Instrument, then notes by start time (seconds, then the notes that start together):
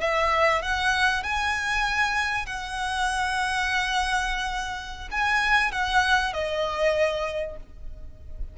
violin
0.00 E5
0.62 F#5
1.23 G#5
2.46 F#5
5.11 G#5
5.71 F#5
6.33 D#5